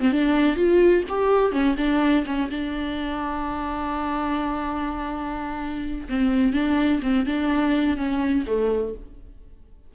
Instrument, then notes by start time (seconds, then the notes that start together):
viola
0.00 C4
0.12 D4
0.56 F4
1.09 G4
1.52 C#4
1.77 D4
2.26 C#4
2.51 D4
6.09 C4
6.53 D4
7.02 C4
7.26 D4
7.97 C#4
8.47 A3